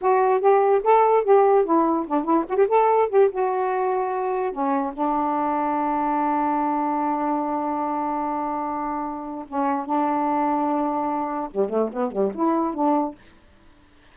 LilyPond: \new Staff \with { instrumentName = "saxophone" } { \time 4/4 \tempo 4 = 146 fis'4 g'4 a'4 g'4 | e'4 d'8 e'8 fis'16 g'16 a'4 g'8 | fis'2. cis'4 | d'1~ |
d'1~ | d'2. cis'4 | d'1 | g8 a8 b8 g8 e'4 d'4 | }